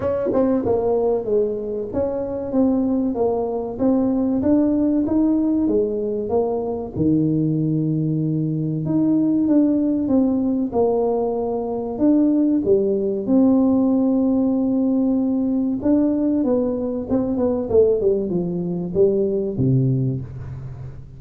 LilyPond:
\new Staff \with { instrumentName = "tuba" } { \time 4/4 \tempo 4 = 95 cis'8 c'8 ais4 gis4 cis'4 | c'4 ais4 c'4 d'4 | dis'4 gis4 ais4 dis4~ | dis2 dis'4 d'4 |
c'4 ais2 d'4 | g4 c'2.~ | c'4 d'4 b4 c'8 b8 | a8 g8 f4 g4 c4 | }